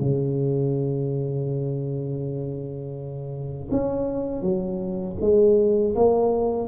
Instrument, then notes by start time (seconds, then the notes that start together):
tuba
0.00 C#3
3.71 C#4
4.42 F#3
5.21 G#3
5.95 A#3